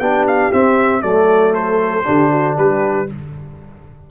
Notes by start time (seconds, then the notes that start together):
0.00 B3 D4 G4 G5
0.28 F5
0.53 C4 E5
1.02 F#3 A3 A4 D5
1.55 C5
2.04 D3 D4 G4
2.31 F#4
2.57 G3 G4 B4